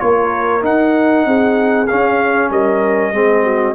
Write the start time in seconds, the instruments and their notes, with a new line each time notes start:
0.00 tuba A#3, trombone F4, horn A#4, trumpet C#5
0.62 trombone D#4, tuba D#4, trumpet F#5
1.26 tuba C4, horn G#4
1.88 trombone C#4, tuba C#4, trumpet F5
2.51 tuba G3, horn A#4, trumpet D#5
3.12 tuba G#3, trombone C4, horn G#4
3.44 horn F#4